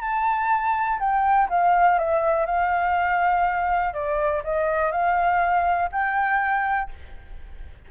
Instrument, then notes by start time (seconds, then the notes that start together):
flute
0.00 A5
0.99 G5
1.49 F5
1.98 E5
2.45 F5
3.93 D5
4.43 D#5
4.91 F5
5.91 G5